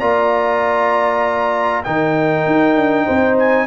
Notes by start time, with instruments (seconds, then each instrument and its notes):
0.00 tuba A#3, trombone F4, horn D5, trumpet A#5
1.84 tuba D#3, trombone D#4, horn A#4, trumpet G5
2.46 tuba D#4
2.76 tuba D4
3.06 tuba C4, horn C5
3.39 trumpet G#5